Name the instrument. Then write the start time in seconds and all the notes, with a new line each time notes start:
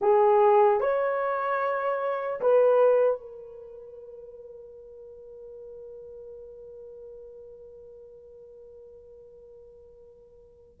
horn
0.01 G#4
0.80 C#5
2.40 B4
3.20 A#4